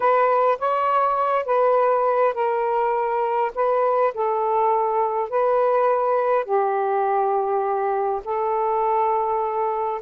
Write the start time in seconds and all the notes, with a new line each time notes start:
0.00 B4
0.58 C#5
1.45 B4
2.33 A#4
3.54 B4
4.14 A4
5.29 B4
6.44 G4
8.24 A4